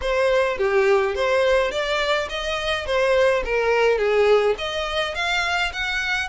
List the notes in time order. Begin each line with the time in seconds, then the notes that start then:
0.01 C5
0.58 G4
1.15 C5
1.71 D5
2.29 D#5
2.85 C5
3.44 A#4
3.98 G#4
4.57 D#5
5.14 F5
5.72 F#5